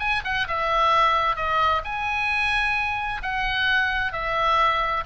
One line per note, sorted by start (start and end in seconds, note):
0.00 0.23 G#5
0.25 0.47 F#5
0.48 1.36 E5
1.36 1.82 D#5
1.85 3.22 G#5
3.23 4.13 F#5
4.13 5.04 E5